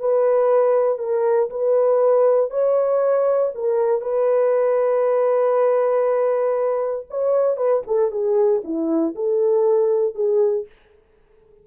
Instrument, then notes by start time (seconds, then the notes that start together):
horn
0.00 B4
0.99 A#4
1.50 B4
2.51 C#5
3.55 A#4
4.01 B4
7.10 C#5
7.57 B4
7.87 A4
8.11 G#4
8.64 E4
9.15 A4
10.15 G#4